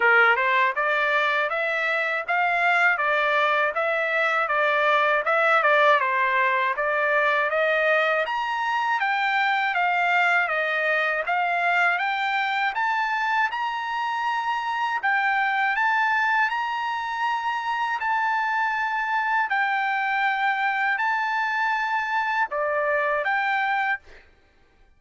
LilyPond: \new Staff \with { instrumentName = "trumpet" } { \time 4/4 \tempo 4 = 80 ais'8 c''8 d''4 e''4 f''4 | d''4 e''4 d''4 e''8 d''8 | c''4 d''4 dis''4 ais''4 | g''4 f''4 dis''4 f''4 |
g''4 a''4 ais''2 | g''4 a''4 ais''2 | a''2 g''2 | a''2 d''4 g''4 | }